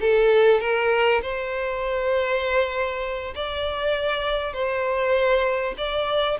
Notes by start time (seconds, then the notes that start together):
0.00 A4
0.60 A#4
1.21 C5
3.35 D5
4.53 C5
5.77 D5